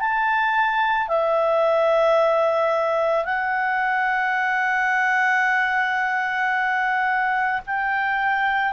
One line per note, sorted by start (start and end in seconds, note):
0.00 1.08 A5
1.08 3.25 E5
3.25 7.61 F#5
7.67 8.73 G5